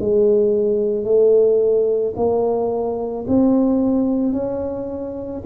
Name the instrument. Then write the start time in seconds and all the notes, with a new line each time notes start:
tuba
0.00 G#3
1.05 A3
2.17 A#3
3.28 C4
4.33 C#4